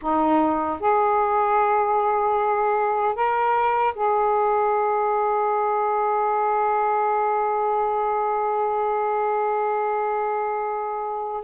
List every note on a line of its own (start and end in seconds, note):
0.01 0.79 D#4
0.79 3.15 G#4
3.15 3.94 A#4
3.94 11.44 G#4